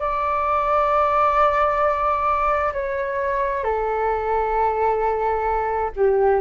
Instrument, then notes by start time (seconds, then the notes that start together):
flute
0.00 D5
2.73 C#5
3.64 A4
5.97 G4